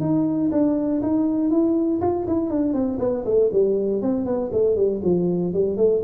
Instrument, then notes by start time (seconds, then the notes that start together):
tuba
0.00 D#4
0.51 D4
1.02 D#4
1.50 E4
2.01 F4
2.27 E4
2.50 D4
2.73 C4
2.99 B3
3.25 A3
3.52 G3
4.02 C4
4.25 B3
4.52 A3
4.76 G3
5.04 F3
5.53 G3
5.77 A3